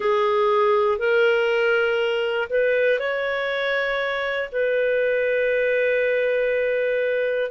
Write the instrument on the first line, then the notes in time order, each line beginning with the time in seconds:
clarinet
0.00 G#4
0.98 A#4
2.50 B4
2.99 C#5
4.51 B4